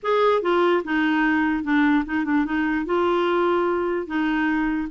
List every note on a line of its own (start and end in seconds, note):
0.02 0.41 G#4
0.41 0.82 F4
0.84 1.63 D#4
1.63 2.04 D4
2.05 2.24 D#4
2.24 2.45 D4
2.45 2.85 D#4
2.85 4.06 F4
4.06 4.88 D#4